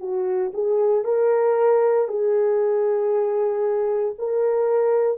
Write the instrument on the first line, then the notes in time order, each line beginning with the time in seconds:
horn
0.00 F#4
0.54 G#4
1.05 A#4
2.08 G#4
4.18 A#4